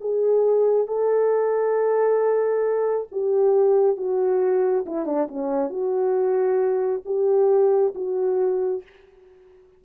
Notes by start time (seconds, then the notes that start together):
0.00 G#4
0.87 A4
3.11 G4
3.96 F#4
4.86 E4
5.05 D4
5.27 C#4
5.70 F#4
7.05 G4
7.94 F#4